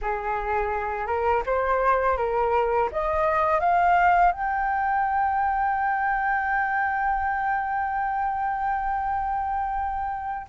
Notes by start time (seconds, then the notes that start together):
0.01 G#4
1.06 A#4
1.46 C5
2.17 A#4
2.91 D#5
3.59 F5
4.32 G5